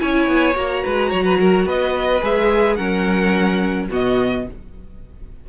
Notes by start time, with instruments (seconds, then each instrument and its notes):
0.00 cello C#4, viola E4, violin C#5 G#5
0.28 cello B3
0.54 cello A#3, viola F#4, violin A#5
0.84 cello G#3, violin B4
1.10 cello F#3, violin C#5
1.25 violin B4
1.40 violin A#4
1.66 cello B3, violin B4 D#5
2.22 cello G#3, viola G#4, violin E5
2.76 cello F#3, viola C#4, violin A#4 F#5
3.90 cello B2, viola B3, violin F#4 D#5